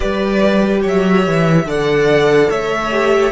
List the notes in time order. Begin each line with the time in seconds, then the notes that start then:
0.00 G3 G4 B4 D5
0.81 F#3 C#5
0.87 E5
1.27 E3
1.65 D3 A4 D5 F#5
2.49 A3 C#5 E5
2.91 G4